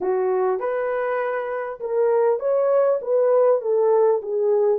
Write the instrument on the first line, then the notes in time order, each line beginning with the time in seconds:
horn
0.00 F#4
0.59 B4
1.80 A#4
2.39 C#5
3.01 B4
3.61 A4
4.22 G#4